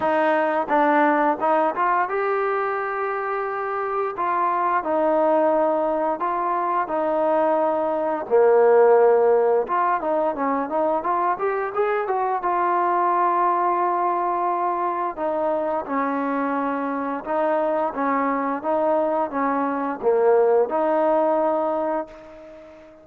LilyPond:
\new Staff \with { instrumentName = "trombone" } { \time 4/4 \tempo 4 = 87 dis'4 d'4 dis'8 f'8 g'4~ | g'2 f'4 dis'4~ | dis'4 f'4 dis'2 | ais2 f'8 dis'8 cis'8 dis'8 |
f'8 g'8 gis'8 fis'8 f'2~ | f'2 dis'4 cis'4~ | cis'4 dis'4 cis'4 dis'4 | cis'4 ais4 dis'2 | }